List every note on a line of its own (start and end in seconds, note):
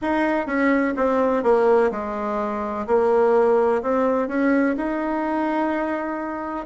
0.01 0.46 D#4
0.46 0.94 C#4
0.96 1.43 C4
1.43 1.90 A#3
1.91 2.86 G#3
2.86 3.81 A#3
3.82 4.28 C4
4.28 4.75 C#4
4.76 6.65 D#4